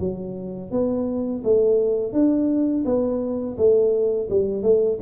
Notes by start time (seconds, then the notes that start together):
0.00 F#3
0.71 B3
1.44 A3
2.13 D4
2.85 B3
3.57 A3
4.30 G3
4.63 A3